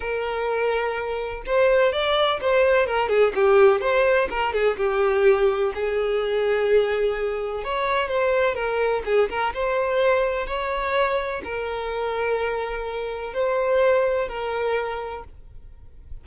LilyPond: \new Staff \with { instrumentName = "violin" } { \time 4/4 \tempo 4 = 126 ais'2. c''4 | d''4 c''4 ais'8 gis'8 g'4 | c''4 ais'8 gis'8 g'2 | gis'1 |
cis''4 c''4 ais'4 gis'8 ais'8 | c''2 cis''2 | ais'1 | c''2 ais'2 | }